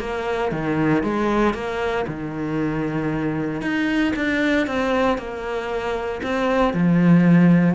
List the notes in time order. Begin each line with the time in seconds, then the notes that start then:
0.00 A#3
0.51 D#3
1.03 G#3
1.54 A#3
2.07 D#3
3.62 D#4
4.16 D4
4.67 C4
5.18 A#3
6.23 C4
6.74 F3